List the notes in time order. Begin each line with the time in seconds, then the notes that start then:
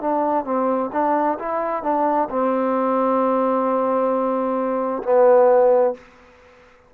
0.00 D4
0.44 C4
0.92 D4
1.38 E4
1.83 D4
2.29 C4
5.03 B3